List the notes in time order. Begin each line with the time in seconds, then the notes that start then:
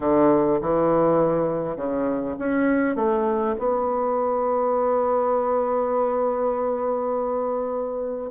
0.00 D3
0.61 E3
1.76 C#3
2.38 C#4
2.95 A3
3.58 B3